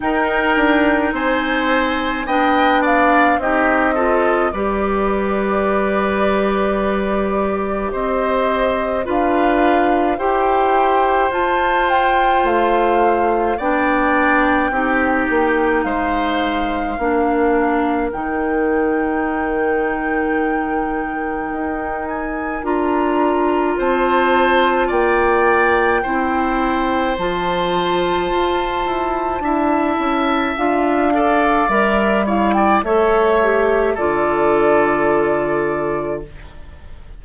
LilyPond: <<
  \new Staff \with { instrumentName = "flute" } { \time 4/4 \tempo 4 = 53 g''4 gis''4 g''8 f''8 dis''4 | d''2. dis''4 | f''4 g''4 a''8 g''8 f''4 | g''2 f''2 |
g''2.~ g''8 gis''8 | ais''4 a''4 g''2 | a''2. f''4 | e''8 f''16 g''16 e''4 d''2 | }
  \new Staff \with { instrumentName = "oboe" } { \time 4/4 ais'4 c''4 dis''8 d''8 g'8 a'8 | b'2. c''4 | b'4 c''2. | d''4 g'4 c''4 ais'4~ |
ais'1~ | ais'4 c''4 d''4 c''4~ | c''2 e''4. d''8~ | d''8 cis''16 d''16 cis''4 a'2 | }
  \new Staff \with { instrumentName = "clarinet" } { \time 4/4 dis'2 d'4 dis'8 f'8 | g'1 | f'4 g'4 f'2 | d'4 dis'2 d'4 |
dis'1 | f'2. e'4 | f'2 e'4 f'8 a'8 | ais'8 e'8 a'8 g'8 f'2 | }
  \new Staff \with { instrumentName = "bassoon" } { \time 4/4 dis'8 d'8 c'4 b4 c'4 | g2. c'4 | d'4 e'4 f'4 a4 | b4 c'8 ais8 gis4 ais4 |
dis2. dis'4 | d'4 c'4 ais4 c'4 | f4 f'8 e'8 d'8 cis'8 d'4 | g4 a4 d2 | }
>>